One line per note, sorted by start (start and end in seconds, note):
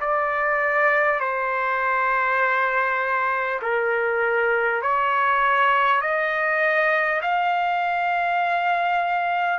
0.00 1.19 D5
1.19 3.59 C5
3.62 4.82 A#4
4.82 6.01 C#5
6.01 7.21 D#5
7.22 9.59 F5